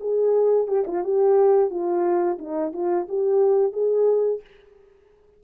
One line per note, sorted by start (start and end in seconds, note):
0.00 0.68 G#4
0.68 0.85 G4
0.87 1.04 F4
1.04 1.70 G4
1.70 2.38 F4
2.39 2.73 D#4
2.73 3.07 F4
3.09 3.73 G4
3.73 4.41 G#4